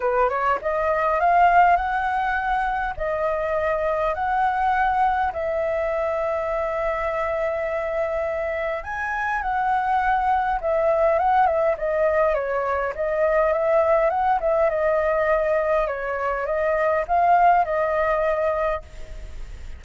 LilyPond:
\new Staff \with { instrumentName = "flute" } { \time 4/4 \tempo 4 = 102 b'8 cis''8 dis''4 f''4 fis''4~ | fis''4 dis''2 fis''4~ | fis''4 e''2.~ | e''2. gis''4 |
fis''2 e''4 fis''8 e''8 | dis''4 cis''4 dis''4 e''4 | fis''8 e''8 dis''2 cis''4 | dis''4 f''4 dis''2 | }